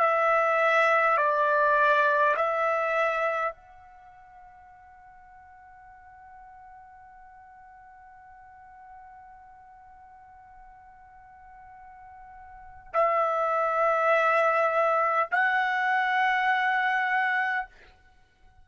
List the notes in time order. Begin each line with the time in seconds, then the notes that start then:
0.00 E5
1.18 D5
2.36 E5
3.52 F#5
12.94 E5
15.32 F#5